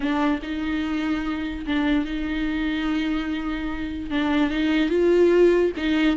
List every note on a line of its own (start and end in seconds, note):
0.00 0.39 D4
0.42 1.65 D#4
1.66 2.05 D4
2.05 4.10 D#4
4.10 4.50 D4
4.50 4.89 D#4
4.89 5.72 F4
5.76 6.16 D#4